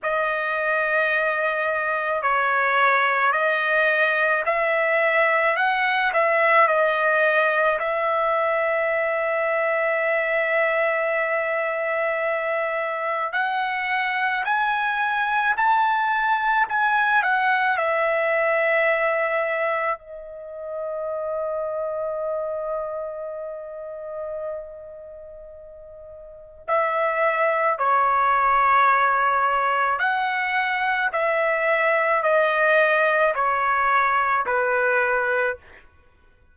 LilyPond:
\new Staff \with { instrumentName = "trumpet" } { \time 4/4 \tempo 4 = 54 dis''2 cis''4 dis''4 | e''4 fis''8 e''8 dis''4 e''4~ | e''1 | fis''4 gis''4 a''4 gis''8 fis''8 |
e''2 dis''2~ | dis''1 | e''4 cis''2 fis''4 | e''4 dis''4 cis''4 b'4 | }